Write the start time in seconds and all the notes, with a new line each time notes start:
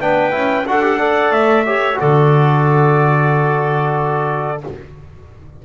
0.00 B3 D4 B4 G5
0.31 C#4 E4
0.66 D4 F#4 A4 F#5
0.81 G4
0.98 A4 D5
1.30 A3 E5
1.65 G4 C#5
1.95 F#4 A4 D5
2.01 D3